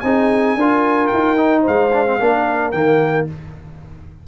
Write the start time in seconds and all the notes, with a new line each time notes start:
0.00 C4 D#4 G#4 G#5
0.56 D4 F4 A#4
1.07 D#4 G5
1.36 D#4
1.61 C5 F5
1.67 G#3
1.93 D4
2.06 C4
2.19 A#3 D4 A#4
2.71 D#3 A#3 G5